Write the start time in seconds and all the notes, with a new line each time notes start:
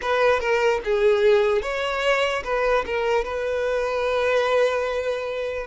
0.01 B4
0.39 A#4
0.84 G#4
1.62 C#5
2.44 B4
2.86 A#4
3.24 B4